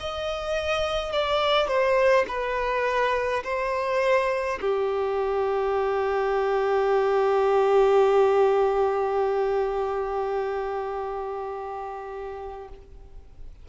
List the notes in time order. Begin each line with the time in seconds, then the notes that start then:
0.00 D#5
1.12 D5
1.67 C5
2.28 B4
3.44 C5
4.61 G4